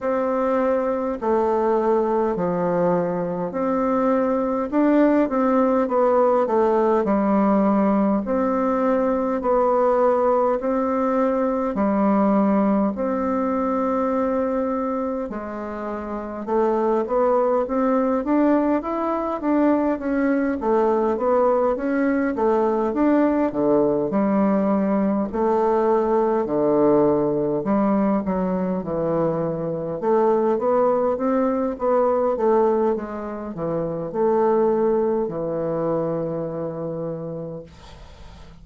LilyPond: \new Staff \with { instrumentName = "bassoon" } { \time 4/4 \tempo 4 = 51 c'4 a4 f4 c'4 | d'8 c'8 b8 a8 g4 c'4 | b4 c'4 g4 c'4~ | c'4 gis4 a8 b8 c'8 d'8 |
e'8 d'8 cis'8 a8 b8 cis'8 a8 d'8 | d8 g4 a4 d4 g8 | fis8 e4 a8 b8 c'8 b8 a8 | gis8 e8 a4 e2 | }